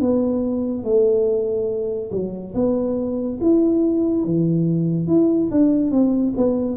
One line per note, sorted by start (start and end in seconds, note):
0.00 0.84 B3
0.84 2.10 A3
2.12 2.54 F#3
2.54 3.39 B3
3.41 4.24 E4
4.24 5.07 E3
5.07 5.50 E4
5.50 5.91 D4
5.91 6.33 C4
6.36 6.77 B3